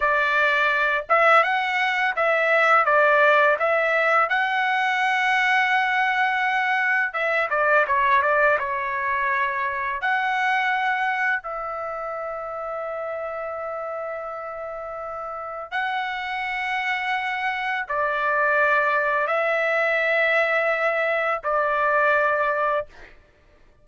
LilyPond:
\new Staff \with { instrumentName = "trumpet" } { \time 4/4 \tempo 4 = 84 d''4. e''8 fis''4 e''4 | d''4 e''4 fis''2~ | fis''2 e''8 d''8 cis''8 d''8 | cis''2 fis''2 |
e''1~ | e''2 fis''2~ | fis''4 d''2 e''4~ | e''2 d''2 | }